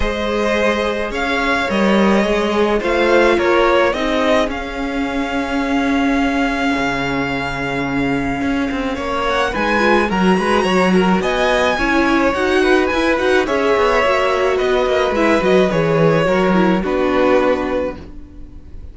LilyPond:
<<
  \new Staff \with { instrumentName = "violin" } { \time 4/4 \tempo 4 = 107 dis''2 f''4 dis''4~ | dis''4 f''4 cis''4 dis''4 | f''1~ | f''1~ |
f''8 fis''8 gis''4 ais''2 | gis''2 fis''4 gis''8 fis''8 | e''2 dis''4 e''8 dis''8 | cis''2 b'2 | }
  \new Staff \with { instrumentName = "violin" } { \time 4/4 c''2 cis''2~ | cis''4 c''4 ais'4 gis'4~ | gis'1~ | gis'1 |
cis''4 b'4 ais'8 b'8 cis''8 ais'8 | dis''4 cis''4. b'4. | cis''2 b'2~ | b'4 ais'4 fis'2 | }
  \new Staff \with { instrumentName = "viola" } { \time 4/4 gis'2. ais'4 | gis'4 f'2 dis'4 | cis'1~ | cis'1~ |
cis'4 dis'8 f'8 fis'2~ | fis'4 e'4 fis'4 e'8 fis'8 | gis'4 fis'2 e'8 fis'8 | gis'4 fis'8 e'8 d'2 | }
  \new Staff \with { instrumentName = "cello" } { \time 4/4 gis2 cis'4 g4 | gis4 a4 ais4 c'4 | cis'1 | cis2. cis'8 c'8 |
ais4 gis4 fis8 gis8 fis4 | b4 cis'4 dis'4 e'8 dis'8 | cis'8 b8 ais4 b8 ais8 gis8 fis8 | e4 fis4 b2 | }
>>